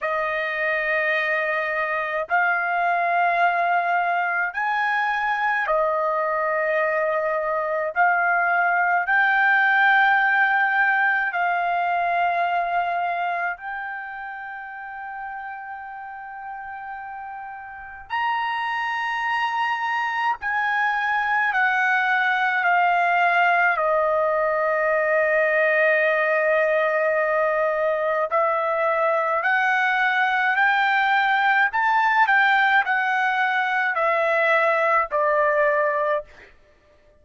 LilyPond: \new Staff \with { instrumentName = "trumpet" } { \time 4/4 \tempo 4 = 53 dis''2 f''2 | gis''4 dis''2 f''4 | g''2 f''2 | g''1 |
ais''2 gis''4 fis''4 | f''4 dis''2.~ | dis''4 e''4 fis''4 g''4 | a''8 g''8 fis''4 e''4 d''4 | }